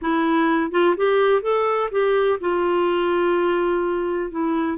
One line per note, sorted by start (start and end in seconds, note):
0.01 0.71 E4
0.71 0.95 F4
0.96 1.41 G4
1.41 1.89 A4
1.91 2.39 G4
2.40 4.31 F4
4.31 4.77 E4